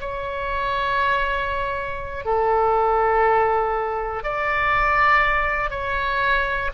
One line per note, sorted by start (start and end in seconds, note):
0.00 2.25 C#5
2.25 4.23 A4
4.23 5.70 D5
5.70 6.70 C#5